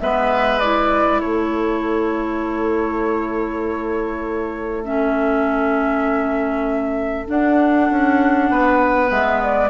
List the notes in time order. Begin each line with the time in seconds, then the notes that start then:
0.00 G#3 B3 B4 E5
0.59 E4 D5
1.20 A3 A4 C#5
4.84 C#4 E5
7.27 D4 F#5
7.91 C#4
8.50 B3 B4
9.08 G#3 B3 E5
9.43 D5